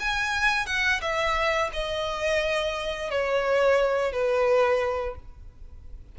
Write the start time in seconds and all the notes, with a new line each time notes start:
0.00 G#5
0.66 F#5
1.02 E5
1.73 D#5
3.11 C#5
4.13 B4